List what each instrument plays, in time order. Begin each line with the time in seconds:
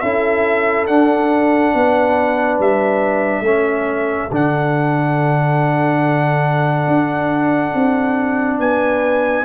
0.00 tuba C#4, trombone E4, horn A4, trumpet E5
0.87 tuba D4, trombone D4, trumpet F#5
1.74 tuba B3, horn B4
2.59 tuba G3, trumpet E5
3.41 tuba A3, trombone C#4, horn A4
4.31 tuba D3, trombone D4, trumpet F#5
6.87 tuba D4
7.75 tuba C4
8.60 tuba B3, horn B4, trumpet G#5